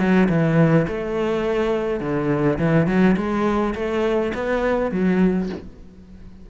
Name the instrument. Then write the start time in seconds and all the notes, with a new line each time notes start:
cello
0.00 F#3
0.29 E3
0.88 A3
2.01 D3
2.59 E3
2.88 F#3
3.17 G#3
3.75 A3
4.35 B3
4.92 F#3